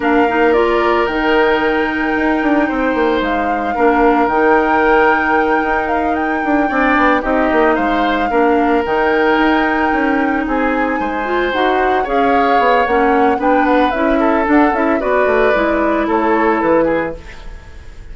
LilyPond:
<<
  \new Staff \with { instrumentName = "flute" } { \time 4/4 \tempo 4 = 112 f''4 d''4 g''2~ | g''2 f''2 | g''2. f''8 g''8~ | g''4. dis''4 f''4.~ |
f''8 g''2. gis''8~ | gis''4. fis''4 f''4. | fis''4 g''8 fis''8 e''4 fis''8 e''8 | d''2 cis''4 b'4 | }
  \new Staff \with { instrumentName = "oboe" } { \time 4/4 ais'1~ | ais'4 c''2 ais'4~ | ais'1~ | ais'8 d''4 g'4 c''4 ais'8~ |
ais'2.~ ais'8 gis'8~ | gis'8 c''2 cis''4.~ | cis''4 b'4. a'4. | b'2 a'4. gis'8 | }
  \new Staff \with { instrumentName = "clarinet" } { \time 4/4 d'8 dis'8 f'4 dis'2~ | dis'2. d'4 | dis'1~ | dis'8 d'4 dis'2 d'8~ |
d'8 dis'2.~ dis'8~ | dis'4 f'8 fis'4 gis'4. | cis'4 d'4 e'4 d'8 e'8 | fis'4 e'2. | }
  \new Staff \with { instrumentName = "bassoon" } { \time 4/4 ais2 dis2 | dis'8 d'8 c'8 ais8 gis4 ais4 | dis2~ dis8 dis'4. | d'8 c'8 b8 c'8 ais8 gis4 ais8~ |
ais8 dis4 dis'4 cis'4 c'8~ | c'8 gis4 dis'4 cis'4 b8 | ais4 b4 cis'4 d'8 cis'8 | b8 a8 gis4 a4 e4 | }
>>